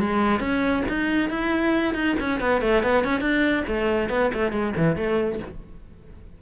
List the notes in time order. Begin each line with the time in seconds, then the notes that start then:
0.00 G#3
0.40 C#4
0.89 D#4
1.30 E4
1.95 D#4
2.20 C#4
2.41 B3
2.62 A3
2.83 B3
3.05 C#4
3.21 D4
3.68 A3
4.10 B3
4.34 A3
4.52 G#3
4.77 E3
4.97 A3